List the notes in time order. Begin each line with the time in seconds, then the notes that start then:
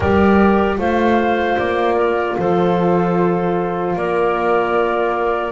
0.00 G3 G4 A#4 D5
0.77 A3 F4 C5 F5
1.57 A#3 D5
1.96 A#4
2.38 F3 A4 C5
3.95 A#3 A#4 D5